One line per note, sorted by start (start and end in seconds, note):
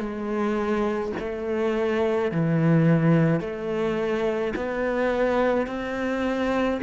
0.00 1.13 G#3
1.20 2.32 A3
2.32 3.41 E3
3.41 4.54 A3
4.56 5.67 B3
5.67 6.80 C4